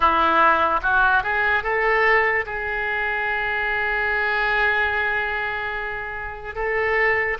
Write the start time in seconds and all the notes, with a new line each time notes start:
0.00 E4
0.82 F#4
1.23 G#4
1.63 A4
2.45 G#4
6.55 A4